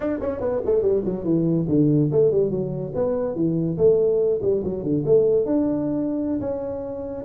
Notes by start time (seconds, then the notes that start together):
0.00 D4
0.20 C#4
0.40 B3
0.65 A3
0.81 G3
1.04 F#3
1.24 E3
1.68 D3
2.11 A3
2.31 G3
2.50 F#3
2.94 B3
3.35 E3
3.77 A3
4.42 G3
4.63 F#3
4.83 D3
5.05 A3
5.45 D4
6.40 C#4